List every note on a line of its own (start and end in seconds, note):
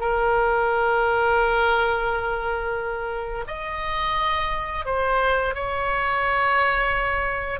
0.00 3.45 A#4
3.48 4.86 D#5
4.86 5.55 C5
5.55 7.60 C#5